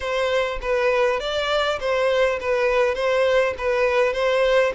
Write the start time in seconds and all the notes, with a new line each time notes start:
0.00 C5
0.61 B4
1.19 D5
1.80 C5
2.40 B4
2.94 C5
3.58 B4
4.13 C5